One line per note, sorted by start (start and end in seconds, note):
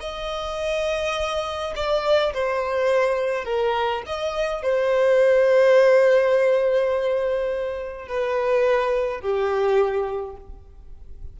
0.00 1.73 D#5
1.76 2.33 D5
2.33 3.45 C5
3.45 4.02 A#4
4.06 4.63 D#5
4.63 8.08 C5
8.08 9.21 B4
9.21 10.36 G4